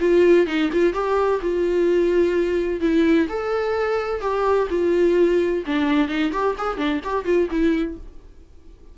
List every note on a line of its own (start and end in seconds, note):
0.00 0.46 F4
0.46 0.70 D#4
0.72 0.93 F4
0.93 1.40 G4
1.41 2.80 F4
2.80 3.27 E4
3.29 4.21 A4
4.21 4.67 G4
4.70 5.63 F4
5.66 6.08 D4
6.08 6.32 D#4
6.32 6.55 G4
6.58 6.77 G#4
6.77 7.00 D4
7.03 7.25 G4
7.25 7.48 F4
7.50 7.97 E4